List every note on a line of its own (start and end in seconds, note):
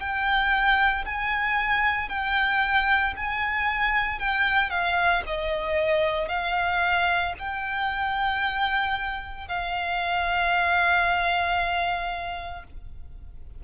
0.00 1.05 G5
1.06 2.09 G#5
2.09 3.14 G5
3.17 4.20 G#5
4.20 4.70 G5
4.70 5.23 F5
5.27 6.29 D#5
6.29 7.34 F5
7.39 9.48 G5
9.48 12.64 F5